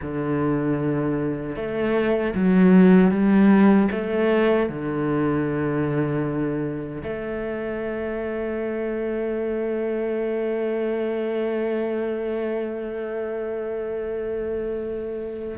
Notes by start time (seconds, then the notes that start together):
0.01 D3
1.56 A3
2.34 F#3
3.10 G3
3.91 A3
4.69 D3
7.03 A3